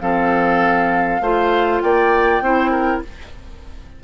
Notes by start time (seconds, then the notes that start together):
0.00 F3 C4 A4 F5
1.20 A3 F4 C5
1.81 A#3 D5 G5
2.41 C4 E4 C5
2.71 A#4